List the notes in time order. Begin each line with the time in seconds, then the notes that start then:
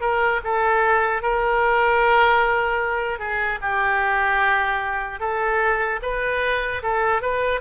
0.00 A#4
0.44 A4
1.22 A#4
3.19 G#4
3.61 G4
5.19 A4
6.02 B4
6.83 A4
7.21 B4